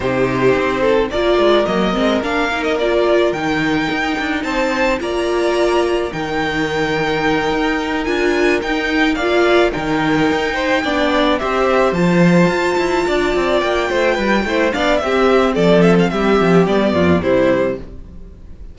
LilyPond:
<<
  \new Staff \with { instrumentName = "violin" } { \time 4/4 \tempo 4 = 108 c''2 d''4 dis''4 | f''8. dis''16 d''4 g''2 | a''4 ais''2 g''4~ | g''2~ g''8 gis''4 g''8~ |
g''8 f''4 g''2~ g''8~ | g''8 e''4 a''2~ a''8~ | a''8 g''2 f''8 e''4 | d''8 e''16 f''16 e''4 d''4 c''4 | }
  \new Staff \with { instrumentName = "violin" } { \time 4/4 g'4. a'8 ais'2~ | ais'1 | c''4 d''2 ais'4~ | ais'1~ |
ais'8 d''4 ais'4. c''8 d''8~ | d''8 c''2. d''8~ | d''4 c''8 b'8 c''8 d''8 g'4 | a'4 g'4. f'8 e'4 | }
  \new Staff \with { instrumentName = "viola" } { \time 4/4 dis'2 f'4 ais8 c'8 | d'8 dis'8 f'4 dis'2~ | dis'4 f'2 dis'4~ | dis'2~ dis'8 f'4 dis'8~ |
dis'8 f'4 dis'2 d'8~ | d'8 g'4 f'2~ f'8~ | f'2 e'8 d'8 c'4~ | c'2 b4 g4 | }
  \new Staff \with { instrumentName = "cello" } { \time 4/4 c4 c'4 ais8 gis8 fis8 gis8 | ais2 dis4 dis'8 d'8 | c'4 ais2 dis4~ | dis4. dis'4 d'4 dis'8~ |
dis'8 ais4 dis4 dis'4 b8~ | b8 c'4 f4 f'8 e'8 d'8 | c'8 ais8 a8 g8 a8 b8 c'4 | f4 g8 f8 g8 f,8 c4 | }
>>